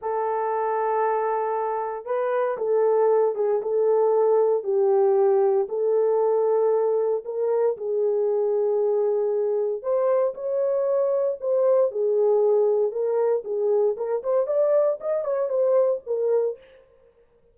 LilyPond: \new Staff \with { instrumentName = "horn" } { \time 4/4 \tempo 4 = 116 a'1 | b'4 a'4. gis'8 a'4~ | a'4 g'2 a'4~ | a'2 ais'4 gis'4~ |
gis'2. c''4 | cis''2 c''4 gis'4~ | gis'4 ais'4 gis'4 ais'8 c''8 | d''4 dis''8 cis''8 c''4 ais'4 | }